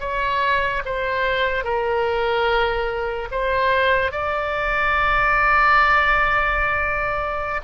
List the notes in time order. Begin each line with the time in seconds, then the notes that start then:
0.00 C#5
0.85 C5
1.64 A#4
3.31 C5
4.11 D5